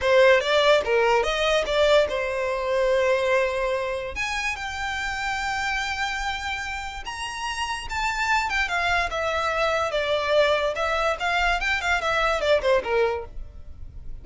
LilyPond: \new Staff \with { instrumentName = "violin" } { \time 4/4 \tempo 4 = 145 c''4 d''4 ais'4 dis''4 | d''4 c''2.~ | c''2 gis''4 g''4~ | g''1~ |
g''4 ais''2 a''4~ | a''8 g''8 f''4 e''2 | d''2 e''4 f''4 | g''8 f''8 e''4 d''8 c''8 ais'4 | }